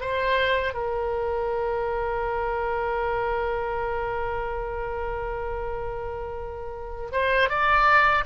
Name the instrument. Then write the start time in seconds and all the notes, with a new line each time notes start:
oboe
0.00 C5
0.73 A#4
7.11 C5
7.49 D5